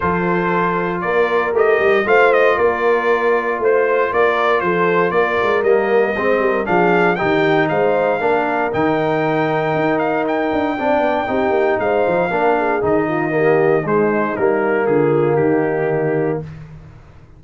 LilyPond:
<<
  \new Staff \with { instrumentName = "trumpet" } { \time 4/4 \tempo 4 = 117 c''2 d''4 dis''4 | f''8 dis''8 d''2 c''4 | d''4 c''4 d''4 dis''4~ | dis''4 f''4 g''4 f''4~ |
f''4 g''2~ g''8 f''8 | g''2. f''4~ | f''4 dis''2 c''4 | ais'4 gis'4 g'2 | }
  \new Staff \with { instrumentName = "horn" } { \time 4/4 a'2 ais'2 | c''4 ais'2 c''4 | ais'4 a'4 ais'2 | c''8 ais'8 gis'4 g'4 c''4 |
ais'1~ | ais'4 d''4 g'4 c''4 | ais'8 gis'4 f'8 g'4 dis'4~ | dis'4 f'4 dis'2 | }
  \new Staff \with { instrumentName = "trombone" } { \time 4/4 f'2. g'4 | f'1~ | f'2. ais4 | c'4 d'4 dis'2 |
d'4 dis'2.~ | dis'4 d'4 dis'2 | d'4 dis'4 ais4 gis4 | ais1 | }
  \new Staff \with { instrumentName = "tuba" } { \time 4/4 f2 ais4 a8 g8 | a4 ais2 a4 | ais4 f4 ais8 gis8 g4 | gis8 g8 f4 dis4 gis4 |
ais4 dis2 dis'4~ | dis'8 d'8 c'8 b8 c'8 ais8 gis8 f8 | ais4 dis2 gis4 | g4 d4 dis2 | }
>>